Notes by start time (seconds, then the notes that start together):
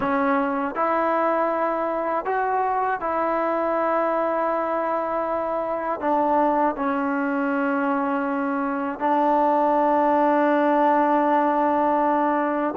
0.00 C#4
0.75 E4
2.25 F#4
3.00 E4
6.00 D4
6.75 C#4
8.99 D4